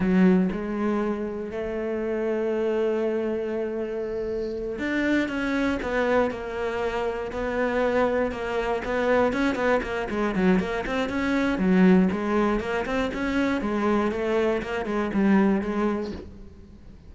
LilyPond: \new Staff \with { instrumentName = "cello" } { \time 4/4 \tempo 4 = 119 fis4 gis2 a4~ | a1~ | a4. d'4 cis'4 b8~ | b8 ais2 b4.~ |
b8 ais4 b4 cis'8 b8 ais8 | gis8 fis8 ais8 c'8 cis'4 fis4 | gis4 ais8 c'8 cis'4 gis4 | a4 ais8 gis8 g4 gis4 | }